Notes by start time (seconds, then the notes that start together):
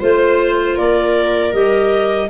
0.00 A3 F4 C5
0.76 A#3 A#4 D5
1.53 G3 G4 D#5